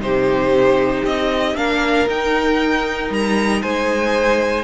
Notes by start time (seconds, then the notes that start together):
0.00 C3 D#4 G4 C5
1.05 C4 D#5
1.55 A#3 D4 A#4 F5
2.07 D#4 G5
3.11 G3 A#5
3.62 G#3 C5 G#5